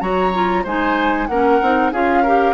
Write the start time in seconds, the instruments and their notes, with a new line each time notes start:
0.00 bassoon F#3, clarinet F#4, oboe C#5, flute A#5
0.33 clarinet F4
0.63 bassoon G#3, clarinet D#4, oboe C5, flute G#5
1.27 bassoon A#3, clarinet C#4, oboe A#4, flute F#5
1.61 bassoon C4, clarinet D#4
1.92 bassoon C#4, clarinet F4, oboe G#4, flute F5
2.23 clarinet G4, oboe A#4